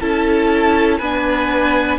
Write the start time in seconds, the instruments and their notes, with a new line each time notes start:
0.00 cello C#4, viola E4, violin A4 A5
0.98 cello B3, viola D4, violin B4 G#5